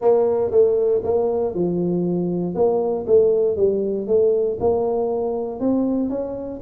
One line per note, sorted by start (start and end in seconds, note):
0.01 0.51 A#3
0.51 1.01 A3
1.03 1.54 A#3
1.54 2.54 F3
2.54 3.05 A#3
3.06 3.56 A3
3.56 4.07 G3
4.07 4.58 A3
4.59 5.60 A#3
5.60 6.09 C4
6.09 6.60 C#4